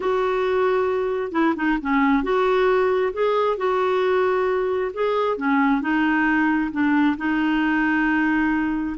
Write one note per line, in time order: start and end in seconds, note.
0.00 1.32 F#4
1.32 1.54 E4
1.56 1.78 D#4
1.81 2.23 C#4
2.23 3.12 F#4
3.13 3.57 G#4
3.57 4.91 F#4
4.93 5.37 G#4
5.37 5.81 C#4
5.81 6.70 D#4
6.71 7.16 D4
7.17 8.96 D#4